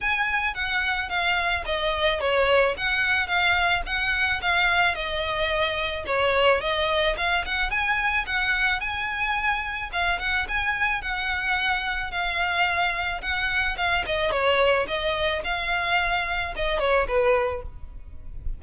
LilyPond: \new Staff \with { instrumentName = "violin" } { \time 4/4 \tempo 4 = 109 gis''4 fis''4 f''4 dis''4 | cis''4 fis''4 f''4 fis''4 | f''4 dis''2 cis''4 | dis''4 f''8 fis''8 gis''4 fis''4 |
gis''2 f''8 fis''8 gis''4 | fis''2 f''2 | fis''4 f''8 dis''8 cis''4 dis''4 | f''2 dis''8 cis''8 b'4 | }